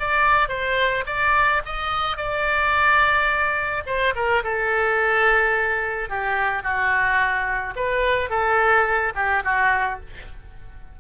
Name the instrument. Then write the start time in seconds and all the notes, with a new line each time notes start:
oboe
0.00 D5
0.49 C5
1.07 D5
1.65 D#5
2.17 D5
3.86 C5
4.16 A#4
4.43 A4
6.10 G4
6.63 F#4
7.76 B4
8.30 A4
9.15 G4
9.45 F#4